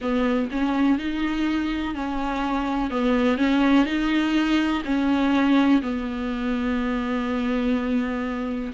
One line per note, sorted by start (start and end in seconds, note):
0.00 0.49 B3
0.51 0.98 C#4
0.98 1.94 D#4
1.94 2.90 C#4
2.90 3.37 B3
3.37 3.85 C#4
3.85 4.82 D#4
4.84 5.81 C#4
5.82 8.72 B3